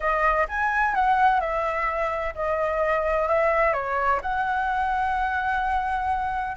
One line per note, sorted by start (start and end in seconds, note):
0.00 0.47 D#5
0.48 0.94 G#5
0.94 1.40 F#5
1.40 2.34 E5
2.34 3.28 D#5
3.28 3.73 E5
3.73 4.20 C#5
4.21 6.56 F#5